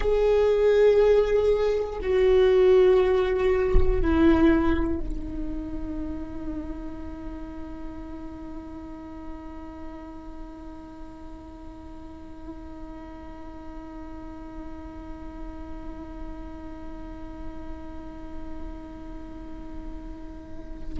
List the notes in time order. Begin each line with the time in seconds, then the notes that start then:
0.00 G#4
2.01 F#4
4.01 E4
4.99 D#4